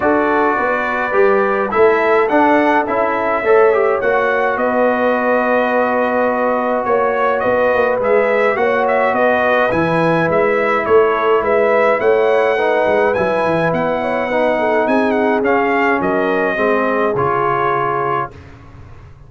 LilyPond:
<<
  \new Staff \with { instrumentName = "trumpet" } { \time 4/4 \tempo 4 = 105 d''2. e''4 | fis''4 e''2 fis''4 | dis''1 | cis''4 dis''4 e''4 fis''8 e''8 |
dis''4 gis''4 e''4 cis''4 | e''4 fis''2 gis''4 | fis''2 gis''8 fis''8 f''4 | dis''2 cis''2 | }
  \new Staff \with { instrumentName = "horn" } { \time 4/4 a'4 b'2 a'4~ | a'2 cis''2 | b'1 | cis''4 b'2 cis''4 |
b'2. a'4 | b'4 cis''4 b'2~ | b'8 cis''8 b'8 a'8 gis'2 | ais'4 gis'2. | }
  \new Staff \with { instrumentName = "trombone" } { \time 4/4 fis'2 g'4 e'4 | d'4 e'4 a'8 g'8 fis'4~ | fis'1~ | fis'2 gis'4 fis'4~ |
fis'4 e'2.~ | e'2 dis'4 e'4~ | e'4 dis'2 cis'4~ | cis'4 c'4 f'2 | }
  \new Staff \with { instrumentName = "tuba" } { \time 4/4 d'4 b4 g4 a4 | d'4 cis'4 a4 ais4 | b1 | ais4 b8 ais8 gis4 ais4 |
b4 e4 gis4 a4 | gis4 a4. gis8 fis8 e8 | b2 c'4 cis'4 | fis4 gis4 cis2 | }
>>